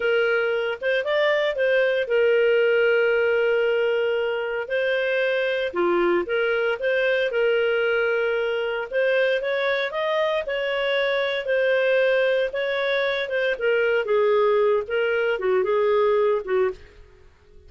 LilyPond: \new Staff \with { instrumentName = "clarinet" } { \time 4/4 \tempo 4 = 115 ais'4. c''8 d''4 c''4 | ais'1~ | ais'4 c''2 f'4 | ais'4 c''4 ais'2~ |
ais'4 c''4 cis''4 dis''4 | cis''2 c''2 | cis''4. c''8 ais'4 gis'4~ | gis'8 ais'4 fis'8 gis'4. fis'8 | }